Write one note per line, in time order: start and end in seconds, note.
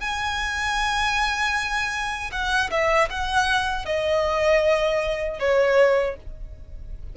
0.00 2.31 G#5
2.31 2.70 F#5
2.71 3.09 E5
3.10 3.85 F#5
3.85 5.39 D#5
5.39 6.16 C#5